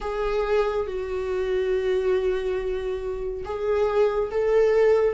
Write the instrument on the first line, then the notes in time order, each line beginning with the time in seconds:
viola
0.00 G#4
0.86 F#4
3.44 G#4
4.31 A4